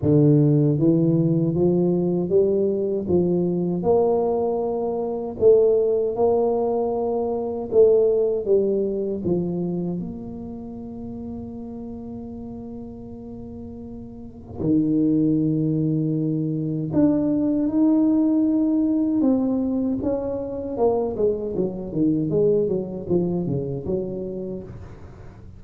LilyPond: \new Staff \with { instrumentName = "tuba" } { \time 4/4 \tempo 4 = 78 d4 e4 f4 g4 | f4 ais2 a4 | ais2 a4 g4 | f4 ais2.~ |
ais2. dis4~ | dis2 d'4 dis'4~ | dis'4 c'4 cis'4 ais8 gis8 | fis8 dis8 gis8 fis8 f8 cis8 fis4 | }